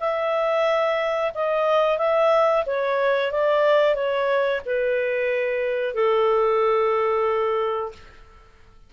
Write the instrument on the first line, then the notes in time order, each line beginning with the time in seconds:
clarinet
0.00 E5
1.34 D#5
1.98 E5
2.66 C#5
3.31 D5
3.95 C#5
4.66 B4
5.94 A4